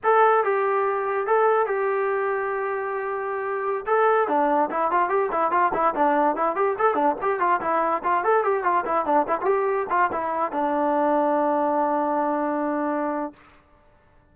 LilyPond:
\new Staff \with { instrumentName = "trombone" } { \time 4/4 \tempo 4 = 144 a'4 g'2 a'4 | g'1~ | g'4~ g'16 a'4 d'4 e'8 f'16~ | f'16 g'8 e'8 f'8 e'8 d'4 e'8 g'16~ |
g'16 a'8 d'8 g'8 f'8 e'4 f'8 a'16~ | a'16 g'8 f'8 e'8 d'8 e'16 f'16 g'4 f'16~ | f'16 e'4 d'2~ d'8.~ | d'1 | }